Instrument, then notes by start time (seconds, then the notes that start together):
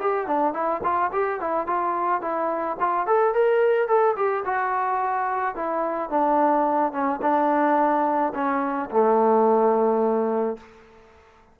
trombone
0.00 G4
0.27 D4
0.54 E4
0.83 F4
1.12 G4
1.40 E4
1.67 F4
2.22 E4
2.80 F4
3.07 A4
3.34 A#4
3.88 A4
4.16 G4
4.45 F#4
5.56 E4
6.10 D4
6.92 C#4
7.22 D4
8.35 C#4
8.91 A3